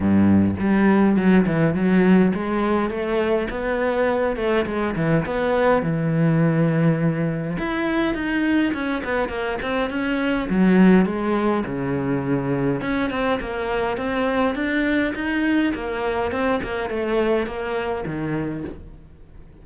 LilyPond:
\new Staff \with { instrumentName = "cello" } { \time 4/4 \tempo 4 = 103 g,4 g4 fis8 e8 fis4 | gis4 a4 b4. a8 | gis8 e8 b4 e2~ | e4 e'4 dis'4 cis'8 b8 |
ais8 c'8 cis'4 fis4 gis4 | cis2 cis'8 c'8 ais4 | c'4 d'4 dis'4 ais4 | c'8 ais8 a4 ais4 dis4 | }